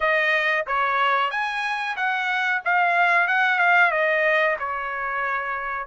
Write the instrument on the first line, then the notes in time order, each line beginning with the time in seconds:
trumpet
0.00 D#5
0.67 C#5
1.30 G#5
1.96 F#5
2.64 F5
3.27 F#5
3.58 F5
3.91 D#5
4.59 C#5